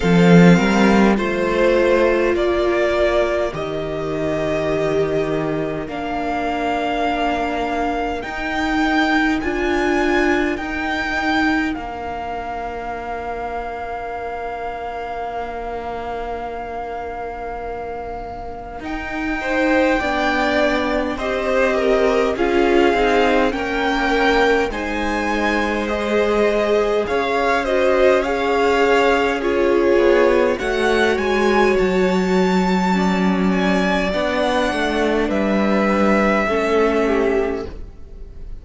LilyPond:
<<
  \new Staff \with { instrumentName = "violin" } { \time 4/4 \tempo 4 = 51 f''4 c''4 d''4 dis''4~ | dis''4 f''2 g''4 | gis''4 g''4 f''2~ | f''1 |
g''2 dis''4 f''4 | g''4 gis''4 dis''4 f''8 dis''8 | f''4 cis''4 fis''8 gis''8 a''4~ | a''8 gis''8 fis''4 e''2 | }
  \new Staff \with { instrumentName = "violin" } { \time 4/4 a'8 ais'8 c''4 ais'2~ | ais'1~ | ais'1~ | ais'1~ |
ais'8 c''8 d''4 c''8 ais'8 gis'4 | ais'4 c''2 cis''8 c''8 | cis''4 gis'4 cis''2 | d''2 b'4 a'8 g'8 | }
  \new Staff \with { instrumentName = "viola" } { \time 4/4 c'4 f'2 g'4~ | g'4 d'2 dis'4 | f'4 dis'4 d'2~ | d'1 |
dis'4 d'4 g'4 f'8 dis'8 | cis'4 dis'4 gis'4. fis'8 | gis'4 f'4 fis'2 | cis'4 d'2 cis'4 | }
  \new Staff \with { instrumentName = "cello" } { \time 4/4 f8 g8 a4 ais4 dis4~ | dis4 ais2 dis'4 | d'4 dis'4 ais2~ | ais1 |
dis'4 b4 c'4 cis'8 c'8 | ais4 gis2 cis'4~ | cis'4. b8 a8 gis8 fis4~ | fis4 b8 a8 g4 a4 | }
>>